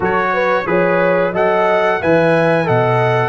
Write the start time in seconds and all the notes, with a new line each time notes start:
0.00 F#3 F#4 A4 C#5
0.33 B4
0.66 F3 G#4 B4 C#5
1.32 F#3 A4 D#5 F#5
2.00 E3 B4 E5 G#5
2.65 B2 A4 D#5 F#5